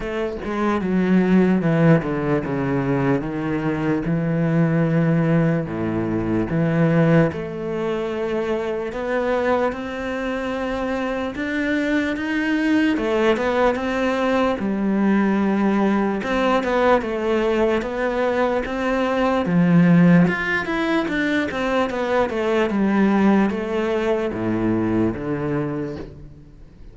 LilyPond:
\new Staff \with { instrumentName = "cello" } { \time 4/4 \tempo 4 = 74 a8 gis8 fis4 e8 d8 cis4 | dis4 e2 a,4 | e4 a2 b4 | c'2 d'4 dis'4 |
a8 b8 c'4 g2 | c'8 b8 a4 b4 c'4 | f4 f'8 e'8 d'8 c'8 b8 a8 | g4 a4 a,4 d4 | }